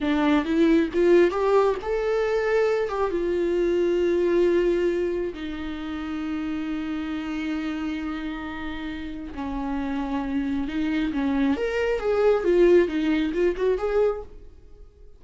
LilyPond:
\new Staff \with { instrumentName = "viola" } { \time 4/4 \tempo 4 = 135 d'4 e'4 f'4 g'4 | a'2~ a'8 g'8 f'4~ | f'1 | dis'1~ |
dis'1~ | dis'4 cis'2. | dis'4 cis'4 ais'4 gis'4 | f'4 dis'4 f'8 fis'8 gis'4 | }